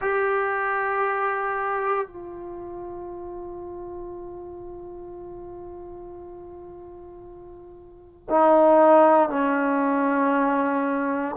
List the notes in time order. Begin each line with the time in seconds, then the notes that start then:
0.01 G4
2.07 F4
8.29 D#4
9.29 C#4